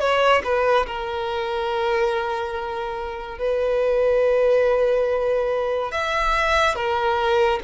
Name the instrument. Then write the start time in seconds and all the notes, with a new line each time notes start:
violin
0.00 C#5
0.44 B4
0.86 A#4
3.38 B4
5.92 E5
6.75 A#4